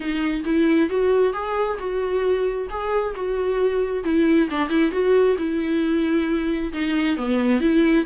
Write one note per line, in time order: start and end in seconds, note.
0.00 0.44 D#4
0.45 0.89 E4
0.89 1.33 F#4
1.33 1.78 G#4
1.78 2.68 F#4
2.69 3.14 G#4
3.15 4.04 F#4
4.04 4.49 E4
4.50 4.69 D4
4.69 4.91 E4
4.91 5.36 F#4
5.38 6.72 E4
6.72 7.16 D#4
7.16 7.60 B3
7.60 8.05 E4